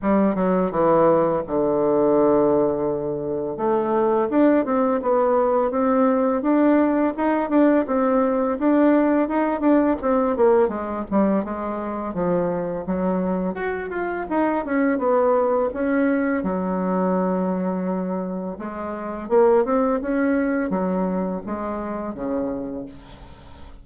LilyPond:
\new Staff \with { instrumentName = "bassoon" } { \time 4/4 \tempo 4 = 84 g8 fis8 e4 d2~ | d4 a4 d'8 c'8 b4 | c'4 d'4 dis'8 d'8 c'4 | d'4 dis'8 d'8 c'8 ais8 gis8 g8 |
gis4 f4 fis4 fis'8 f'8 | dis'8 cis'8 b4 cis'4 fis4~ | fis2 gis4 ais8 c'8 | cis'4 fis4 gis4 cis4 | }